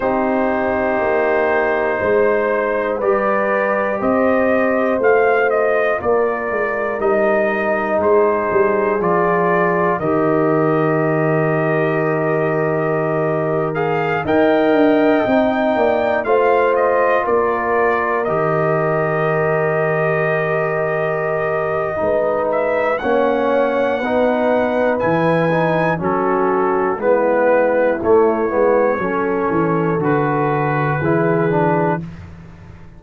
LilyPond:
<<
  \new Staff \with { instrumentName = "trumpet" } { \time 4/4 \tempo 4 = 60 c''2. d''4 | dis''4 f''8 dis''8 d''4 dis''4 | c''4 d''4 dis''2~ | dis''4.~ dis''16 f''8 g''4.~ g''16~ |
g''16 f''8 dis''8 d''4 dis''4.~ dis''16~ | dis''2~ dis''8 e''8 fis''4~ | fis''4 gis''4 a'4 b'4 | cis''2 b'2 | }
  \new Staff \with { instrumentName = "horn" } { \time 4/4 g'2 c''4 b'4 | c''2 ais'2 | gis'2 ais'2~ | ais'2~ ais'16 dis''4. d''16~ |
d''16 c''4 ais'2~ ais'8.~ | ais'2 b'4 cis''4 | b'2 fis'4 e'4~ | e'4 a'2 gis'4 | }
  \new Staff \with { instrumentName = "trombone" } { \time 4/4 dis'2. g'4~ | g'4 f'2 dis'4~ | dis'4 f'4 g'2~ | g'4.~ g'16 gis'8 ais'4 dis'8.~ |
dis'16 f'2 g'4.~ g'16~ | g'2 dis'4 cis'4 | dis'4 e'8 dis'8 cis'4 b4 | a8 b8 cis'4 fis'4 e'8 d'8 | }
  \new Staff \with { instrumentName = "tuba" } { \time 4/4 c'4 ais4 gis4 g4 | c'4 a4 ais8 gis8 g4 | gis8 g8 f4 dis2~ | dis2~ dis16 dis'8 d'8 c'8 ais16~ |
ais16 a4 ais4 dis4.~ dis16~ | dis2 gis4 ais4 | b4 e4 fis4 gis4 | a8 gis8 fis8 e8 d4 e4 | }
>>